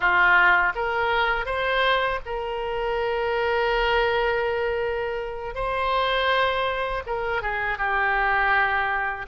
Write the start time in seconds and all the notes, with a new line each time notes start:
0.00 F4
0.75 A#4
1.45 C5
2.25 A#4
5.54 C5
7.06 A#4
7.41 G#4
7.78 G4